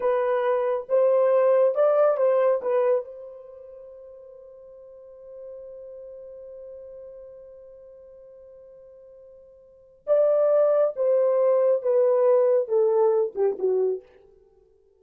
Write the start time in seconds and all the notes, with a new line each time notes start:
0.00 B4
0.88 C5
1.74 D5
2.17 C5
2.62 B4
3.04 C5
10.06 D5
10.95 C5
11.82 B4
12.67 A4
13.35 G4
13.58 F#4